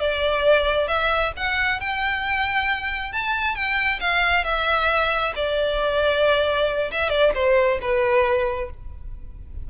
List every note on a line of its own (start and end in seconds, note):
0.00 0.88 D5
0.88 1.33 E5
1.37 1.80 F#5
1.80 3.13 G5
3.13 3.56 A5
3.56 4.00 G5
4.00 4.44 F5
4.44 5.33 E5
5.36 6.91 D5
6.92 7.10 E5
7.10 7.32 D5
7.35 7.79 C5
7.81 8.70 B4